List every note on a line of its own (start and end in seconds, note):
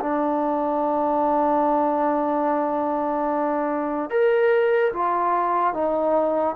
0.00 4.10 D4
4.10 4.92 A#4
4.93 5.74 F4
5.74 6.56 D#4